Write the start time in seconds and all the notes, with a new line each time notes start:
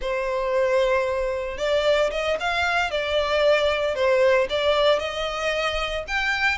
0.01 C5
1.57 D5
2.11 D#5
2.40 F5
2.90 D5
3.95 C5
4.49 D5
4.99 D#5
6.07 G5